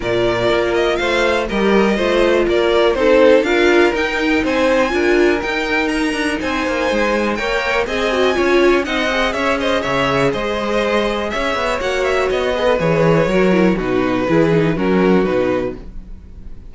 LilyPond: <<
  \new Staff \with { instrumentName = "violin" } { \time 4/4 \tempo 4 = 122 d''4. dis''8 f''4 dis''4~ | dis''4 d''4 c''4 f''4 | g''4 gis''2 g''4 | ais''4 gis''2 g''4 |
gis''2 fis''4 e''8 dis''8 | e''4 dis''2 e''4 | fis''8 e''8 dis''4 cis''2 | b'2 ais'4 b'4 | }
  \new Staff \with { instrumentName = "violin" } { \time 4/4 ais'2 c''4 ais'4 | c''4 ais'4 a'4 ais'4~ | ais'4 c''4 ais'2~ | ais'4 c''2 cis''4 |
dis''4 cis''4 dis''4 cis''8 c''8 | cis''4 c''2 cis''4~ | cis''4. b'4. ais'4 | fis'4 gis'4 fis'2 | }
  \new Staff \with { instrumentName = "viola" } { \time 4/4 f'2. g'4 | f'2 dis'4 f'4 | dis'2 f'4 dis'4~ | dis'2. ais'4 |
gis'8 fis'8 f'4 dis'8 gis'4.~ | gis'1 | fis'4. gis'16 a'16 gis'4 fis'8 e'8 | dis'4 e'8 dis'8 cis'4 dis'4 | }
  \new Staff \with { instrumentName = "cello" } { \time 4/4 ais,4 ais4 a4 g4 | a4 ais4 c'4 d'4 | dis'4 c'4 d'4 dis'4~ | dis'8 d'8 c'8 ais8 gis4 ais4 |
c'4 cis'4 c'4 cis'4 | cis4 gis2 cis'8 b8 | ais4 b4 e4 fis4 | b,4 e4 fis4 b,4 | }
>>